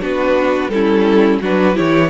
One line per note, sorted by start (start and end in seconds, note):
0.00 0.68 B3
0.00 0.70 D4
0.00 0.71 F#4
0.00 0.70 B4
0.68 1.38 G3
0.68 1.42 C#4
0.68 1.41 E4
0.68 1.39 A4
1.41 1.76 F#3
1.41 1.74 D4
1.41 1.75 F#4
1.41 1.77 B4
1.74 2.10 E3
1.74 2.09 E4
1.74 2.10 G4
1.74 2.10 C#5